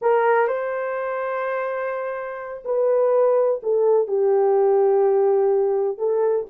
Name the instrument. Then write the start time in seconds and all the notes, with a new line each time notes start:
horn
0.01 A#4
0.47 C5
2.64 B4
3.62 A4
4.07 G4
5.97 A4